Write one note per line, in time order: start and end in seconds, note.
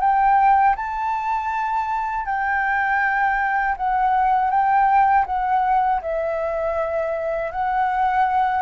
0.00 0.75 G5
0.76 2.25 A5
2.25 3.75 G5
3.76 4.50 F#5
4.50 5.25 G5
5.26 6.01 F#5
6.01 7.51 E5
7.51 8.62 F#5